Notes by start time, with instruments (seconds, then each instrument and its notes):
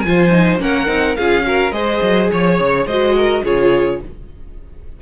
0.00 cello F3, viola F4, violin G#5
0.08 violin C5
0.31 viola D#4
0.59 cello A#3, viola C#4, violin A#4 F#5
0.86 cello C4, viola D#4
1.16 cello C#4, viola F4, violin G#4 F5
1.43 viola F#4, violin A#4
1.72 cello G#3, viola G#4, violin C5 D#5
2.02 cello F#3
2.32 cello F3, violin C#5
2.60 cello C#3
2.86 cello G#3, viola F#4, violin C5 D#5
3.16 violin A#4
3.44 cello C#3, viola F4, violin G#4 C#5